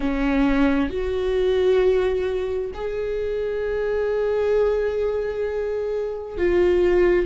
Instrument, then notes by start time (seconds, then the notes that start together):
viola
0.00 C#4
0.89 F#4
2.74 G#4
6.37 F4